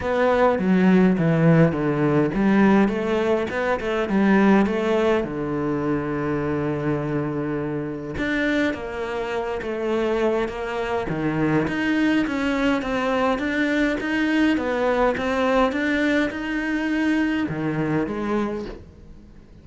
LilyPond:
\new Staff \with { instrumentName = "cello" } { \time 4/4 \tempo 4 = 103 b4 fis4 e4 d4 | g4 a4 b8 a8 g4 | a4 d2.~ | d2 d'4 ais4~ |
ais8 a4. ais4 dis4 | dis'4 cis'4 c'4 d'4 | dis'4 b4 c'4 d'4 | dis'2 dis4 gis4 | }